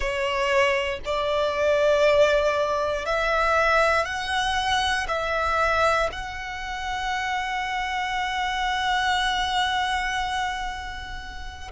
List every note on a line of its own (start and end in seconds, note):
0.00 0.99 C#5
1.04 3.05 D5
3.05 4.04 E5
4.04 5.06 F#5
5.08 6.09 E5
6.12 11.71 F#5